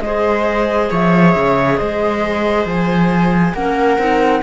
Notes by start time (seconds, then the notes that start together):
0.00 G#3 G#4 C5 D#5
0.90 F3 C#5 E5
1.35 C#3
1.77 G#3 C5 D#5
2.65 F3 G#5
3.54 A#3 C#4 A#4 F#5
3.97 C4 D#4